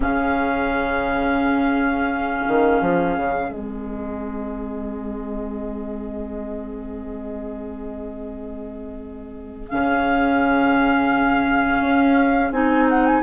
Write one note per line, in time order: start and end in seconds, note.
0.00 2.45 C#3
0.00 3.50 C#4
0.00 13.21 G#4
0.00 3.52 F5
2.47 2.81 D#3
2.81 3.16 F3
3.16 3.49 C#3
3.49 9.67 G#3
3.49 9.68 C4
3.49 9.69 D#5
9.69 11.80 C#3
9.69 12.52 C#4
9.69 12.51 F5
11.80 12.51 C#4
12.51 13.21 C4
12.51 13.22 D#4
12.51 12.87 G#5
12.89 13.06 F#5
13.06 13.22 G#5